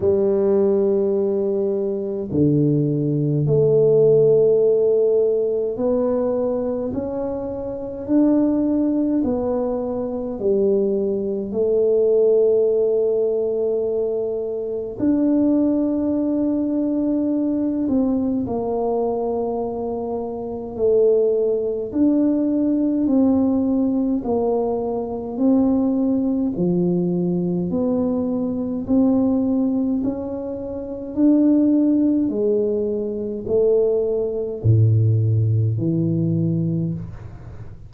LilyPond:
\new Staff \with { instrumentName = "tuba" } { \time 4/4 \tempo 4 = 52 g2 d4 a4~ | a4 b4 cis'4 d'4 | b4 g4 a2~ | a4 d'2~ d'8 c'8 |
ais2 a4 d'4 | c'4 ais4 c'4 f4 | b4 c'4 cis'4 d'4 | gis4 a4 a,4 e4 | }